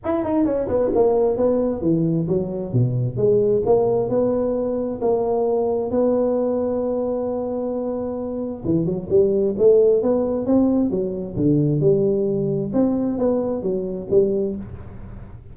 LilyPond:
\new Staff \with { instrumentName = "tuba" } { \time 4/4 \tempo 4 = 132 e'8 dis'8 cis'8 b8 ais4 b4 | e4 fis4 b,4 gis4 | ais4 b2 ais4~ | ais4 b2.~ |
b2. e8 fis8 | g4 a4 b4 c'4 | fis4 d4 g2 | c'4 b4 fis4 g4 | }